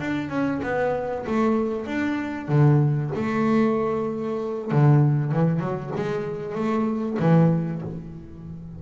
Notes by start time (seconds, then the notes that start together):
0.00 D4
0.30 C#4
0.63 B3
1.27 A3
1.86 D4
2.48 D3
3.16 A3
4.72 D3
5.32 E3
5.60 F#3
5.96 G#3
6.55 A3
7.20 E3